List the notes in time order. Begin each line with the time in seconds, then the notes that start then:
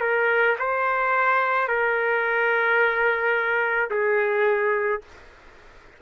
0.00 A#4
0.58 C5
1.68 A#4
3.90 G#4